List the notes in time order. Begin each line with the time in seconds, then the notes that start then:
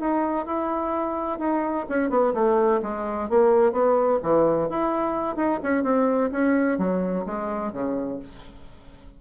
0.00 D#4
0.46 E4
1.39 D#4
1.89 C#4
2.10 B3
2.34 A3
2.83 G#3
3.30 A#3
3.73 B3
4.23 E3
4.70 E4
5.37 D#4
5.63 C#4
5.84 C4
6.32 C#4
6.79 F#3
7.26 G#3
7.73 C#3